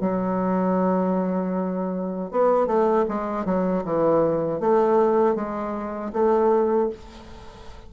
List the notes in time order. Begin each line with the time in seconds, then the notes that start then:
0.00 F#3
2.31 B3
2.67 A3
3.08 G#3
3.45 F#3
3.84 E3
4.59 A3
5.35 G#3
6.13 A3